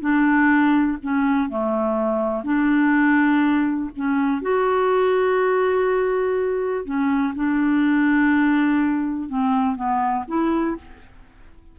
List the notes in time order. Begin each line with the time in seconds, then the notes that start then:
0.00 D4
1.03 C#4
1.49 A3
2.44 D4
3.96 C#4
4.42 F#4
6.85 C#4
7.35 D4
9.29 C4
9.76 B3
10.28 E4